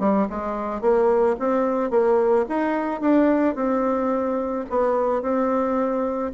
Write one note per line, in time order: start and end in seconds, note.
0.00 0.28 G3
0.30 0.81 G#3
0.81 1.36 A#3
1.40 1.91 C4
1.91 2.46 A#3
2.49 3.01 D#4
3.01 3.56 D4
3.56 4.66 C4
4.70 5.22 B3
5.22 6.32 C4